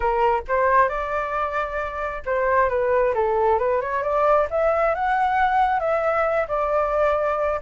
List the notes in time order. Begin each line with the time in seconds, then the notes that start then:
0.00 A#4
0.48 C5
0.88 D5
2.25 C5
2.69 B4
3.14 A4
3.58 B4
3.81 C#5
4.02 D5
4.50 E5
4.95 F#5
5.79 E5
6.48 D5